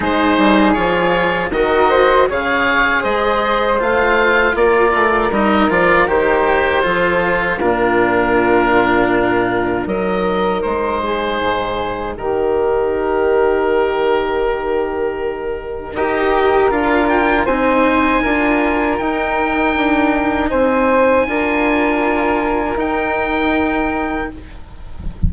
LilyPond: <<
  \new Staff \with { instrumentName = "oboe" } { \time 4/4 \tempo 4 = 79 c''4 cis''4 dis''4 f''4 | dis''4 f''4 d''4 dis''8 d''8 | c''2 ais'2~ | ais'4 dis''4 c''2 |
ais'1~ | ais'4 dis''4 f''8 g''8 gis''4~ | gis''4 g''2 gis''4~ | gis''2 g''2 | }
  \new Staff \with { instrumentName = "flute" } { \time 4/4 gis'2 ais'8 c''8 cis''4 | c''2 ais'2~ | ais'4 a'4 f'2~ | f'4 ais'4. gis'4. |
g'1~ | g'4 ais'2 c''4 | ais'2. c''4 | ais'1 | }
  \new Staff \with { instrumentName = "cello" } { \time 4/4 dis'4 f'4 fis'4 gis'4~ | gis'4 f'2 dis'8 f'8 | g'4 f'4 d'2~ | d'4 dis'2.~ |
dis'1~ | dis'4 g'4 f'4 dis'4 | f'4 dis'2. | f'2 dis'2 | }
  \new Staff \with { instrumentName = "bassoon" } { \time 4/4 gis8 g8 f4 dis4 cis4 | gis4 a4 ais8 a8 g8 f8 | dis4 f4 ais,2~ | ais,4 fis4 gis4 gis,4 |
dis1~ | dis4 dis'4 d'4 c'4 | d'4 dis'4 d'4 c'4 | d'2 dis'2 | }
>>